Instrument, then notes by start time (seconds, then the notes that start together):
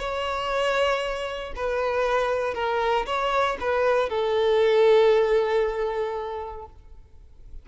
violin
0.00 C#5
1.56 B4
2.55 A#4
3.07 C#5
3.61 B4
4.10 A4